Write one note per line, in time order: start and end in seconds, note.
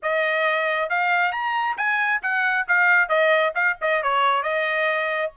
0.02 0.89 D#5
0.89 1.32 F5
1.32 1.76 A#5
1.77 2.21 G#5
2.22 2.66 F#5
2.68 3.08 F5
3.08 3.53 D#5
3.55 3.77 F5
3.81 4.03 D#5
4.03 4.42 C#5
4.42 5.31 D#5